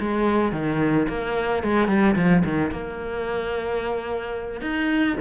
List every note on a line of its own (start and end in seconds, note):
0.00 0.52 G#3
0.52 1.07 D#3
1.09 1.63 A#3
1.63 1.88 G#3
1.88 2.15 G3
2.16 2.43 F3
2.45 2.71 D#3
2.71 4.62 A#3
4.62 5.17 D#4